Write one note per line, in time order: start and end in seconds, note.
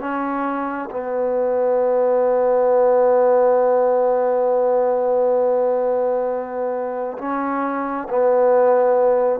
0.00 0.90 C#4
0.91 7.18 B3
7.18 8.08 C#4
8.09 9.40 B3